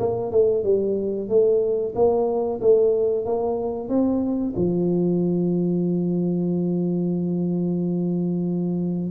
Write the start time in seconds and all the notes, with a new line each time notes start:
0.00 A#3
0.31 A3
0.64 G3
1.29 A3
1.96 A#3
2.61 A3
3.25 A#3
3.89 C4
4.57 F3